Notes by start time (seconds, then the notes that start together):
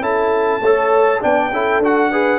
0.00 C#4 E4 A4 A5
0.61 A3 A4 C#5
1.21 B3 D4 D5 G5
1.51 C#4 E4 A4
1.78 D4 F#4
1.84 F#5
2.11 G#4 B4